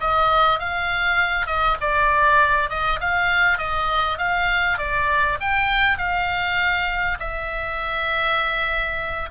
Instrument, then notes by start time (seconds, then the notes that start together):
oboe
0.00 D#5
0.59 F5
1.46 D#5
1.81 D5
2.69 D#5
3.00 F5
3.58 D#5
4.18 F5
4.78 D5
5.40 G5
5.98 F5
7.19 E5